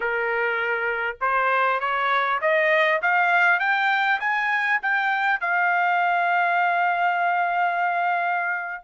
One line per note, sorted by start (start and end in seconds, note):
0.00 1.17 A#4
1.21 1.79 C5
1.79 2.39 C#5
2.41 3.01 D#5
3.02 3.59 F5
3.59 4.19 G5
4.20 4.80 G#5
4.82 5.40 G5
5.40 8.84 F5